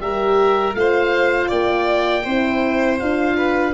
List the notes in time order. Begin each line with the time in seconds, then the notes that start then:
0.00 G3 G4 A#4 E5
0.75 A3 F4 C5 F5
1.49 A#3 D5 G5
2.24 C4 E4 C5
3.00 D4 F4 F5
3.38 B4